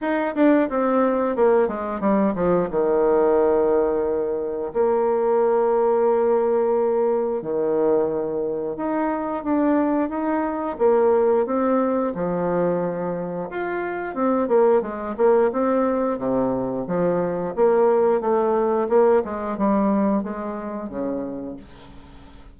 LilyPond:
\new Staff \with { instrumentName = "bassoon" } { \time 4/4 \tempo 4 = 89 dis'8 d'8 c'4 ais8 gis8 g8 f8 | dis2. ais4~ | ais2. dis4~ | dis4 dis'4 d'4 dis'4 |
ais4 c'4 f2 | f'4 c'8 ais8 gis8 ais8 c'4 | c4 f4 ais4 a4 | ais8 gis8 g4 gis4 cis4 | }